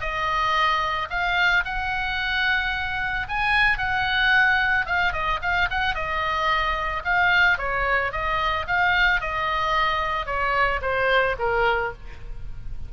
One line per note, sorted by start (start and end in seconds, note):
0.00 1.08 D#5
1.09 1.63 F5
1.64 3.27 F#5
3.28 3.77 G#5
3.77 4.86 F#5
4.86 5.12 F5
5.12 5.39 D#5
5.42 5.69 F5
5.70 5.94 F#5
5.94 7.02 D#5
7.04 7.58 F5
7.58 8.12 C#5
8.12 8.66 D#5
8.67 9.21 F5
9.21 10.26 D#5
10.26 10.80 C#5
10.81 11.35 C5
11.38 11.92 A#4